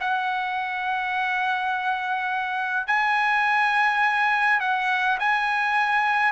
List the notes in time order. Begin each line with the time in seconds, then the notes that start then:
0.00 F#5
2.87 G#5
4.60 F#5
5.19 G#5